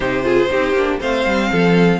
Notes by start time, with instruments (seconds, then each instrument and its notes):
0.00 cello C3, viola D#4, violin G4 C5
0.23 viola F4, violin G#4
0.50 cello C4, viola D#4, violin G4
0.72 cello A#3, viola D4
1.00 cello A3, viola C4, violin C5 F5
1.25 cello G3
1.51 cello F3, violin A4